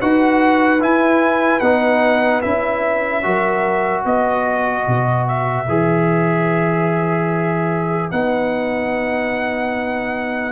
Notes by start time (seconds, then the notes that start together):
0.00 D#4 F#4 B4 F#5
0.79 E4 G#5
1.60 B3 D#4 F#5
2.41 C#4 E4 E5
3.22 F#3 F#4 A#4
4.05 B3 B4 D#5
4.87 B2
5.28 E5
5.68 E3 G#4
8.11 B3 D#4 F#5